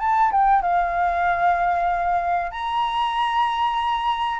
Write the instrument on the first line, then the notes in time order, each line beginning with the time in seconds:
flute
0.00 A5
0.32 G5
0.62 F5
2.51 A#5